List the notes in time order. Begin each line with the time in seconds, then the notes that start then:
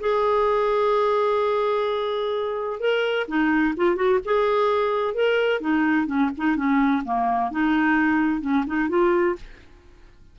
0.00 G#4
2.80 A#4
3.27 D#4
3.76 F4
3.95 F#4
4.25 G#4
5.14 A#4
5.60 D#4
6.06 C#4
6.37 D#4
6.56 C#4
7.04 A#3
7.51 D#4
8.41 C#4
8.67 D#4
8.89 F4